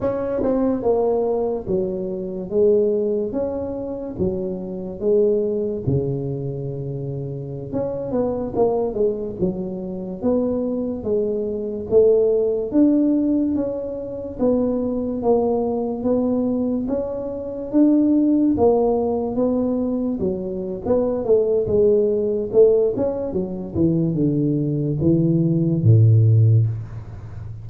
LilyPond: \new Staff \with { instrumentName = "tuba" } { \time 4/4 \tempo 4 = 72 cis'8 c'8 ais4 fis4 gis4 | cis'4 fis4 gis4 cis4~ | cis4~ cis16 cis'8 b8 ais8 gis8 fis8.~ | fis16 b4 gis4 a4 d'8.~ |
d'16 cis'4 b4 ais4 b8.~ | b16 cis'4 d'4 ais4 b8.~ | b16 fis8. b8 a8 gis4 a8 cis'8 | fis8 e8 d4 e4 a,4 | }